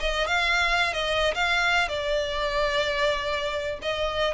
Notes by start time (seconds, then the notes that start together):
0.00 D#5
0.27 F5
0.93 D#5
1.35 F5
1.89 D5
3.82 D#5